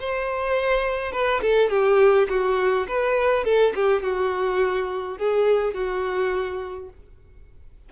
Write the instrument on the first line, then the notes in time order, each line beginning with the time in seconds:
violin
0.00 C5
1.12 B4
1.42 A4
1.70 G4
2.29 F#4
2.88 B4
3.45 A4
3.76 G4
4.03 F#4
5.18 G#4
5.74 F#4